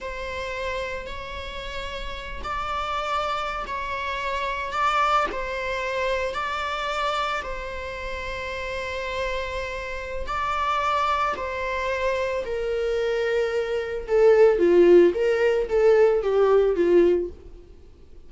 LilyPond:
\new Staff \with { instrumentName = "viola" } { \time 4/4 \tempo 4 = 111 c''2 cis''2~ | cis''8 d''2~ d''16 cis''4~ cis''16~ | cis''8. d''4 c''2 d''16~ | d''4.~ d''16 c''2~ c''16~ |
c''2. d''4~ | d''4 c''2 ais'4~ | ais'2 a'4 f'4 | ais'4 a'4 g'4 f'4 | }